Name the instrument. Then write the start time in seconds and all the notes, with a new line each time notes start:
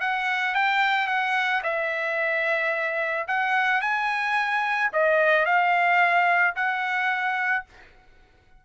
trumpet
0.00 F#5
0.55 G5
1.07 F#5
1.63 E5
3.28 F#5
3.81 G#5
4.92 D#5
5.45 F5
6.55 F#5